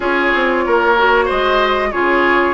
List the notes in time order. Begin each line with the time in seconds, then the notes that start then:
0.00 C#4 F4 G#4 C#5
0.34 C4
0.66 A#3 A#4
0.97 F#4
1.25 G#3 C5 D#5
1.91 C#3 F4 G#4 C#5